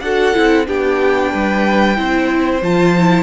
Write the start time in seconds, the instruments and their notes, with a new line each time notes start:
0.00 cello D4, viola F#4, violin A4 F#5
0.34 cello C4, viola E4
0.66 cello B3, viola D4, violin G4 G5
1.31 cello G3, violin B4
1.95 cello C4, viola E4, violin C5
2.61 cello F3, viola F4, violin A5
2.98 viola E4